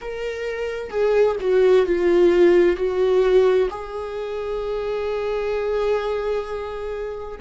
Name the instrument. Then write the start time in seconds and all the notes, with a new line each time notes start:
viola
0.01 A#4
0.90 G#4
1.40 F#4
1.86 F4
2.76 F#4
3.70 G#4